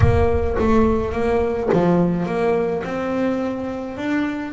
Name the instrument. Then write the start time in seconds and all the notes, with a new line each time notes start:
double bass
0.00 A#3
0.58 A3
1.12 A#3
1.73 F3
2.25 A#3
2.84 C4
3.97 D4